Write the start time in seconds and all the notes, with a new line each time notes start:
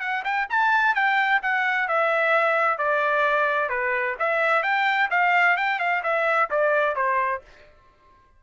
0.00 F#5
0.24 G5
0.49 A5
0.95 G5
1.42 F#5
1.88 E5
2.78 D5
3.69 B4
4.19 E5
4.63 G5
5.10 F5
5.57 G5
5.79 F5
6.03 E5
6.50 D5
6.95 C5